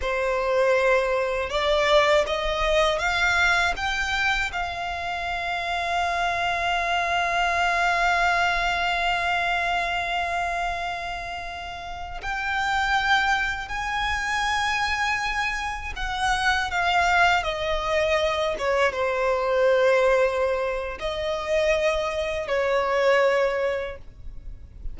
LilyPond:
\new Staff \with { instrumentName = "violin" } { \time 4/4 \tempo 4 = 80 c''2 d''4 dis''4 | f''4 g''4 f''2~ | f''1~ | f''1~ |
f''16 g''2 gis''4.~ gis''16~ | gis''4~ gis''16 fis''4 f''4 dis''8.~ | dis''8. cis''8 c''2~ c''8. | dis''2 cis''2 | }